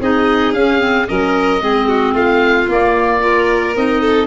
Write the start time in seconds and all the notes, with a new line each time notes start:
0.00 C4 D#4 G#4 D#5
0.53 C#4 F5
0.78 C4
1.07 F#3 C#4 A#4 D#5
1.60 G#3 C4 G#4
1.87 F#4
2.13 A3 F4 F5
2.67 A#3 D5
3.20 F4 A#4
3.75 C4 D#4 D#5
4.00 A4